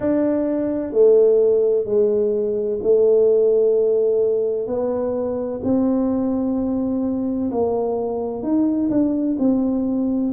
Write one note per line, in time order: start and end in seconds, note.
0.00 0.92 D4
0.92 1.85 A3
1.85 2.79 G#3
2.82 4.66 A3
4.66 5.60 B3
5.63 7.50 C4
7.51 8.42 A#3
8.42 8.89 D#4
8.89 9.36 D4
9.38 10.32 C4